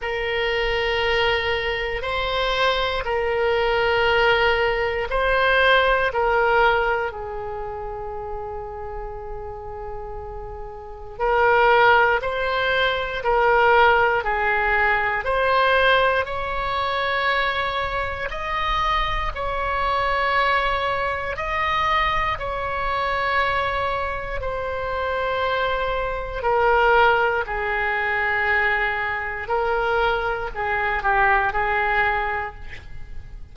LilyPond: \new Staff \with { instrumentName = "oboe" } { \time 4/4 \tempo 4 = 59 ais'2 c''4 ais'4~ | ais'4 c''4 ais'4 gis'4~ | gis'2. ais'4 | c''4 ais'4 gis'4 c''4 |
cis''2 dis''4 cis''4~ | cis''4 dis''4 cis''2 | c''2 ais'4 gis'4~ | gis'4 ais'4 gis'8 g'8 gis'4 | }